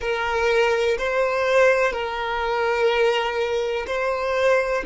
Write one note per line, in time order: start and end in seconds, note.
0.00 0.97 A#4
0.98 1.92 C5
1.92 3.86 A#4
3.86 4.83 C5